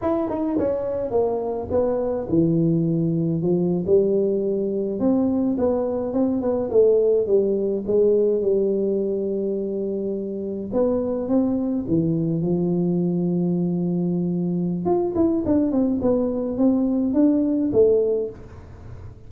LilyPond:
\new Staff \with { instrumentName = "tuba" } { \time 4/4 \tempo 4 = 105 e'8 dis'8 cis'4 ais4 b4 | e2 f8. g4~ g16~ | g8. c'4 b4 c'8 b8 a16~ | a8. g4 gis4 g4~ g16~ |
g2~ g8. b4 c'16~ | c'8. e4 f2~ f16~ | f2 f'8 e'8 d'8 c'8 | b4 c'4 d'4 a4 | }